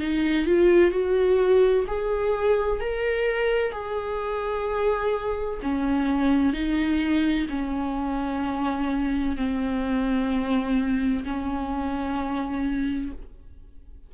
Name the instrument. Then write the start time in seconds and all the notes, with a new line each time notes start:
viola
0.00 D#4
0.46 F4
0.91 F#4
1.87 G#4
2.81 A#4
3.72 G#4
5.62 C#4
6.53 D#4
7.50 C#4
9.37 C4
11.25 C#4